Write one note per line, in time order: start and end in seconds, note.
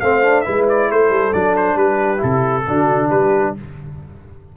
0.00 0.45 A3
0.00 0.23 C4
0.00 0.45 C5
0.00 0.41 F5
0.23 0.44 D4
0.41 1.33 E4
0.41 0.88 B4
0.41 0.63 E5
0.47 0.91 G#3
0.69 0.91 D5
0.88 1.10 A3
0.88 1.76 A4
0.88 1.33 C5
1.10 1.32 G3
1.33 1.75 F#3
1.33 2.17 D4
1.33 1.55 D5
1.56 1.77 C5
1.75 2.19 G3
1.75 2.65 G4
1.75 2.21 B4
2.17 2.67 C3
2.17 2.61 E4
2.17 3.10 A4
2.67 3.11 D3
2.67 3.56 D4
2.67 3.08 F#4
3.08 3.55 G3
3.08 3.52 G4
3.08 3.54 B4